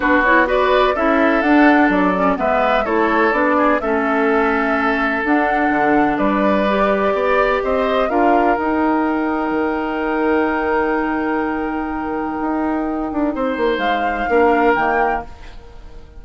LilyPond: <<
  \new Staff \with { instrumentName = "flute" } { \time 4/4 \tempo 4 = 126 b'8 cis''8 d''4 e''4 fis''4 | d''4 e''4 cis''4 d''4 | e''2. fis''4~ | fis''4 d''2. |
dis''4 f''4 g''2~ | g''1~ | g''1~ | g''4 f''2 g''4 | }
  \new Staff \with { instrumentName = "oboe" } { \time 4/4 fis'4 b'4 a'2~ | a'4 b'4 a'4. gis'8 | a'1~ | a'4 b'2 d''4 |
c''4 ais'2.~ | ais'1~ | ais'1 | c''2 ais'2 | }
  \new Staff \with { instrumentName = "clarinet" } { \time 4/4 d'8 e'8 fis'4 e'4 d'4~ | d'8 cis'8 b4 e'4 d'4 | cis'2. d'4~ | d'2 g'2~ |
g'4 f'4 dis'2~ | dis'1~ | dis'1~ | dis'2 d'4 ais4 | }
  \new Staff \with { instrumentName = "bassoon" } { \time 4/4 b2 cis'4 d'4 | fis4 gis4 a4 b4 | a2. d'4 | d4 g2 b4 |
c'4 d'4 dis'2 | dis1~ | dis2 dis'4. d'8 | c'8 ais8 gis4 ais4 dis4 | }
>>